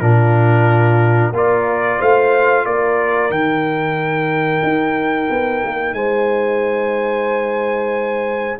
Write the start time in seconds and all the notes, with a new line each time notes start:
0.00 A#2 D4 F4 A#4
1.32 A#3 F4 A#4 D5
1.98 A3 C5 F5
2.66 A#3 A#4 D5
3.30 D#3 D#4 G5
4.63 D#4
5.30 B3
5.64 A#3
5.93 G#3 C5 G#5